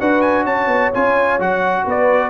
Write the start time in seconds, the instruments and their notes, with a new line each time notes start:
0.00 tuba D4, trombone F#4, horn B4, trumpet F#5
0.21 trumpet G#5
0.44 tuba C#4, horn C#5, trumpet A5
0.67 tuba B3
0.94 tuba C#4, trombone F4, trumpet G#5
1.39 tuba F#3, trombone F#4, trumpet F#5
1.84 tuba B3, horn B4, trumpet D5